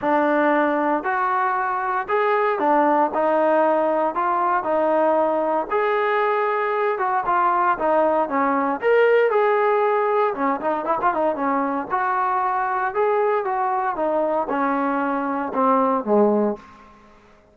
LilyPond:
\new Staff \with { instrumentName = "trombone" } { \time 4/4 \tempo 4 = 116 d'2 fis'2 | gis'4 d'4 dis'2 | f'4 dis'2 gis'4~ | gis'4. fis'8 f'4 dis'4 |
cis'4 ais'4 gis'2 | cis'8 dis'8 e'16 f'16 dis'8 cis'4 fis'4~ | fis'4 gis'4 fis'4 dis'4 | cis'2 c'4 gis4 | }